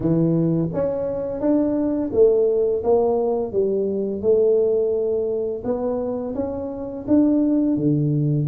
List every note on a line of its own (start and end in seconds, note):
0.00 0.68 E3
0.73 1.40 C#4
1.40 2.10 D4
2.12 2.83 A3
2.83 3.52 A#3
3.52 4.21 G3
4.21 5.62 A3
5.63 6.34 B3
6.35 7.05 C#4
7.07 7.76 D4
7.76 8.47 D3